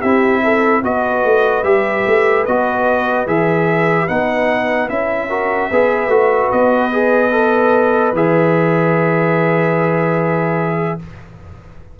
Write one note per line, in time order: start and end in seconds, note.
0.00 0.83 C4
0.00 0.83 E4
0.00 0.41 G4
0.00 0.82 E5
0.43 0.82 A4
0.82 1.24 B3
0.82 1.64 F#4
0.82 5.28 B4
0.82 1.63 D#5
1.24 1.64 A3
1.63 2.04 G3
1.63 2.45 G4
1.63 2.44 E5
2.06 2.47 A3
2.45 3.26 B3
2.45 3.27 F#4
2.45 3.27 D#5
3.26 4.07 E3
3.26 4.08 G#4
3.26 4.08 E5
4.08 4.89 B3
4.08 4.89 D#4
4.08 4.89 F#5
4.89 5.70 C#4
4.89 5.30 E4
4.89 6.51 E5
5.28 5.70 F#4
5.28 5.69 A#4
5.70 6.07 B3
5.70 6.10 G#4
5.70 10.98 B4
6.07 6.48 A3
6.07 6.91 F#4
6.51 8.12 B3
6.51 8.14 D#5
6.92 7.31 G#4
7.31 8.12 A4
8.12 10.96 E3
8.12 10.99 G#4
8.12 10.99 E5